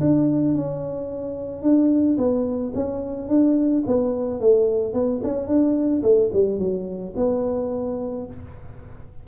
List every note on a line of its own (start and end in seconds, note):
0.00 0.54 D4
0.54 1.62 C#4
1.62 2.17 D4
2.17 2.72 B3
2.74 3.28 C#4
3.28 3.83 D4
3.86 4.40 B3
4.40 4.93 A3
4.93 5.21 B3
5.23 5.47 C#4
5.47 6.02 D4
6.03 6.30 A3
6.33 6.59 G3
6.59 7.14 F#3
7.16 8.26 B3